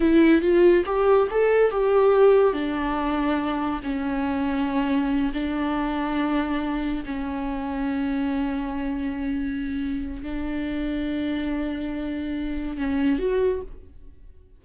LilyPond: \new Staff \with { instrumentName = "viola" } { \time 4/4 \tempo 4 = 141 e'4 f'4 g'4 a'4 | g'2 d'2~ | d'4 cis'2.~ | cis'8 d'2.~ d'8~ |
d'8 cis'2.~ cis'8~ | cis'1 | d'1~ | d'2 cis'4 fis'4 | }